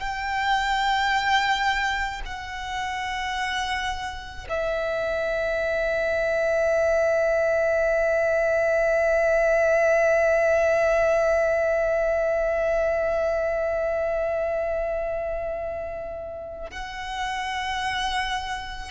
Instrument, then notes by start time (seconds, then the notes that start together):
violin
0.00 G5
2.26 F#5
4.49 E5
16.71 F#5